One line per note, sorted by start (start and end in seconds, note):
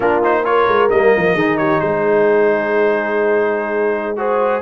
0.00 0.67 A#3
0.00 0.22 D4
0.00 0.42 F4
0.00 0.22 A#4
0.22 0.44 D#4
0.22 0.44 C5
0.44 0.89 F4
0.44 1.34 A#4
0.44 0.89 C#5
0.67 0.90 G#3
0.90 1.14 G3
0.90 1.37 A#3
0.90 1.57 D#5
1.16 1.33 F3
1.33 1.79 D#3
1.33 4.16 D#4
1.33 1.57 G#4
1.57 1.80 G4
1.57 1.80 C#5
1.80 4.62 G#3
1.80 4.17 G#4
1.80 4.17 C5
4.16 4.61 F#4
4.16 4.62 G#4
4.16 4.62 C5